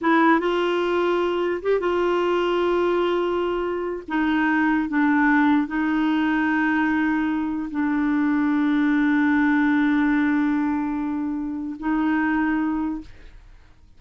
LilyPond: \new Staff \with { instrumentName = "clarinet" } { \time 4/4 \tempo 4 = 148 e'4 f'2. | g'8 f'2.~ f'8~ | f'2 dis'2 | d'2 dis'2~ |
dis'2. d'4~ | d'1~ | d'1~ | d'4 dis'2. | }